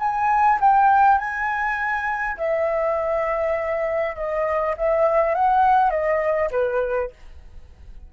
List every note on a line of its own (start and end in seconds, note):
0.00 0.59 G#5
0.61 1.19 G5
1.19 2.38 G#5
2.38 4.16 E5
4.16 4.76 D#5
4.78 5.35 E5
5.35 5.91 F#5
5.91 6.50 D#5
6.52 7.11 B4